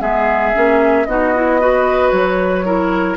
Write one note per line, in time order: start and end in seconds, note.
0.00 0.53 G#3
0.00 0.53 B3
0.00 1.06 G#4
0.00 1.05 E5
0.53 1.06 A#3
0.53 1.06 C#4
1.05 2.11 B3
1.05 1.34 D#4
1.05 1.60 F#4
1.05 2.10 D#5
1.35 1.60 E4
1.60 2.64 F#4
1.60 2.65 B4
2.11 3.16 F#3
2.11 3.16 C#5
2.64 3.17 E4
2.64 3.17 A#4